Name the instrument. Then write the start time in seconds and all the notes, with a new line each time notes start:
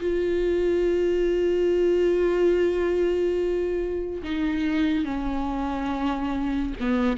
viola
0.00 F4
4.23 D#4
5.05 C#4
6.80 B3